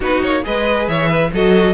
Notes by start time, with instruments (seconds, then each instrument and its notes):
0.00 cello B3, viola D#4, violin F#4 B4
0.22 cello A#3, violin C#5
0.42 cello G#3, viola G#4, violin B4 D#5
0.87 cello E3, violin C#5 E5
1.08 violin B4
1.32 cello F#3, viola F#4, violin A4 D#5